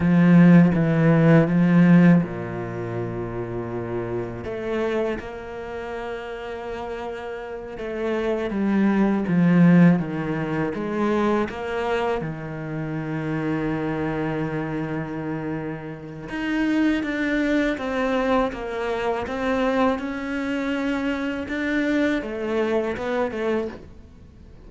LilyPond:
\new Staff \with { instrumentName = "cello" } { \time 4/4 \tempo 4 = 81 f4 e4 f4 ais,4~ | ais,2 a4 ais4~ | ais2~ ais8 a4 g8~ | g8 f4 dis4 gis4 ais8~ |
ais8 dis2.~ dis8~ | dis2 dis'4 d'4 | c'4 ais4 c'4 cis'4~ | cis'4 d'4 a4 b8 a8 | }